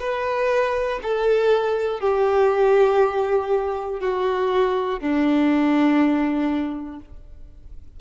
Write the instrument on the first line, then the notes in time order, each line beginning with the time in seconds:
violin
0.00 B4
1.03 A4
2.00 G4
4.00 F#4
5.00 D4